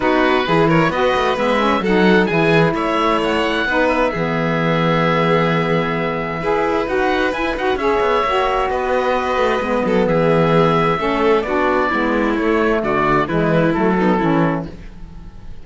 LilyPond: <<
  \new Staff \with { instrumentName = "oboe" } { \time 4/4 \tempo 4 = 131 b'4. cis''8 dis''4 e''4 | fis''4 gis''4 e''4 fis''4~ | fis''8 e''2.~ e''8~ | e''2. fis''4 |
gis''8 fis''8 e''2 dis''4~ | dis''2 e''2~ | e''4 d''2 cis''4 | d''4 b'4 a'2 | }
  \new Staff \with { instrumentName = "violin" } { \time 4/4 fis'4 gis'8 ais'8 b'2 | a'4 gis'4 cis''2 | b'4 gis'2.~ | gis'2 b'2~ |
b'4 cis''2 b'4~ | b'4. a'8 gis'2 | a'4 fis'4 e'2 | fis'4 e'4. dis'8 e'4 | }
  \new Staff \with { instrumentName = "saxophone" } { \time 4/4 dis'4 e'4 fis'4 b8 cis'8 | dis'4 e'2. | dis'4 b2.~ | b2 gis'4 fis'4 |
e'8 fis'8 gis'4 fis'2~ | fis'4 b2. | cis'4 d'4 b4 a4~ | a4 gis4 a8 b8 cis'4 | }
  \new Staff \with { instrumentName = "cello" } { \time 4/4 b4 e4 b8 a8 gis4 | fis4 e4 a2 | b4 e2.~ | e2 e'4 dis'4 |
e'8 dis'8 cis'8 b8 ais4 b4~ | b8 a8 gis8 fis8 e2 | a4 b4 gis4 a4 | d4 e4 fis4 e4 | }
>>